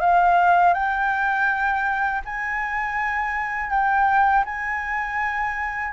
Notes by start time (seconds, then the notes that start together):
0.00 F5
0.73 G5
2.25 G#5
3.70 G5
4.44 G#5